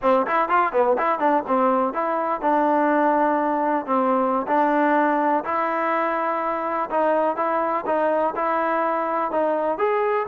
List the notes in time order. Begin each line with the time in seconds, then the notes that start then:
0.02 C4
0.26 E4
0.48 F4
0.72 B3
0.98 E4
1.19 D4
1.47 C4
1.93 E4
2.41 D4
3.86 C4
4.47 D4
5.44 E4
6.90 D#4
7.36 E4
7.86 D#4
8.35 E4
9.31 D#4
9.77 G#4